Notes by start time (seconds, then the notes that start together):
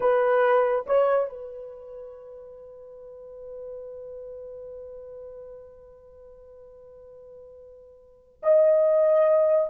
0.00 B4
0.86 C#5
1.29 B4
8.42 D#5